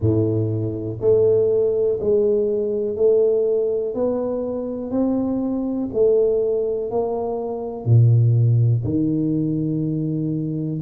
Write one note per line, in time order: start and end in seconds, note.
0.00 0.98 A2
1.00 1.99 A3
1.99 2.96 G#3
2.96 3.94 A3
3.94 4.90 B3
4.90 5.89 C4
5.93 6.90 A3
6.90 7.85 A#3
7.85 8.83 A#2
8.83 10.80 D#3